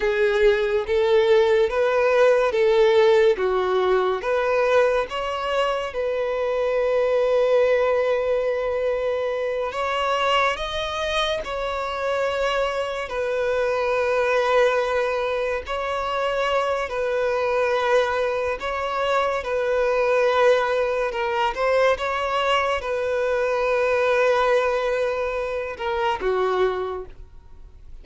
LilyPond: \new Staff \with { instrumentName = "violin" } { \time 4/4 \tempo 4 = 71 gis'4 a'4 b'4 a'4 | fis'4 b'4 cis''4 b'4~ | b'2.~ b'8 cis''8~ | cis''8 dis''4 cis''2 b'8~ |
b'2~ b'8 cis''4. | b'2 cis''4 b'4~ | b'4 ais'8 c''8 cis''4 b'4~ | b'2~ b'8 ais'8 fis'4 | }